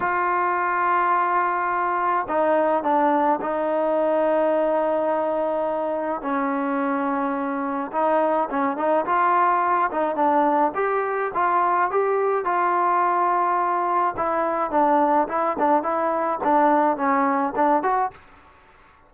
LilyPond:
\new Staff \with { instrumentName = "trombone" } { \time 4/4 \tempo 4 = 106 f'1 | dis'4 d'4 dis'2~ | dis'2. cis'4~ | cis'2 dis'4 cis'8 dis'8 |
f'4. dis'8 d'4 g'4 | f'4 g'4 f'2~ | f'4 e'4 d'4 e'8 d'8 | e'4 d'4 cis'4 d'8 fis'8 | }